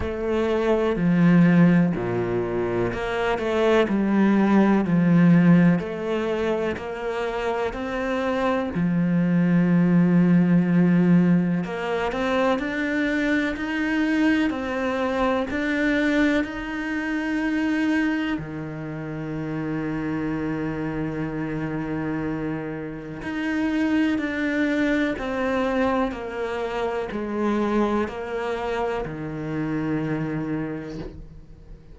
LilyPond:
\new Staff \with { instrumentName = "cello" } { \time 4/4 \tempo 4 = 62 a4 f4 ais,4 ais8 a8 | g4 f4 a4 ais4 | c'4 f2. | ais8 c'8 d'4 dis'4 c'4 |
d'4 dis'2 dis4~ | dis1 | dis'4 d'4 c'4 ais4 | gis4 ais4 dis2 | }